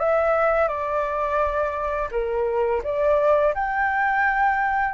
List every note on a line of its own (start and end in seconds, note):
0.00 0.68 E5
0.68 2.10 D5
2.11 2.82 A#4
2.84 3.54 D5
3.55 4.94 G5